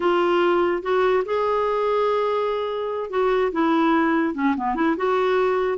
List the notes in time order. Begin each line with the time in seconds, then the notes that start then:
0.00 F4
0.82 F#4
1.25 G#4
3.10 F#4
3.52 E4
4.34 C#4
4.56 B3
4.75 E4
4.96 F#4